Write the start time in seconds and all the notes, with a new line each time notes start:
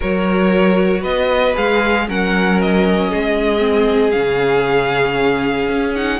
0.00 F#3 F#4 A#4 C#5
1.00 B3 B4 D#5
1.53 G#3 G#4 F5
2.07 F#3 C#4 A#4 F#5
2.60 D#5
3.09 G#3 G#4
3.58 C4
4.11 C#3 C#4 F5
5.69 C#4
5.95 D#4 F#5